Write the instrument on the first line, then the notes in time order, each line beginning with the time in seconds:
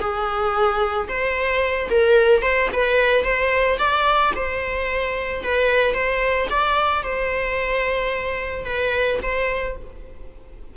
viola
0.00 G#4
1.08 C5
1.90 A#4
2.42 C5
2.73 B4
3.24 C5
3.78 D5
4.36 C5
5.43 B4
5.94 C5
6.50 D5
7.03 C5
8.65 B4
9.23 C5